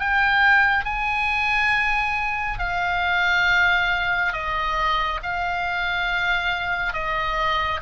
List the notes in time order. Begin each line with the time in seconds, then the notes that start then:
0.00 G5
0.85 G#5
2.59 F5
4.33 D#5
5.23 F5
6.94 D#5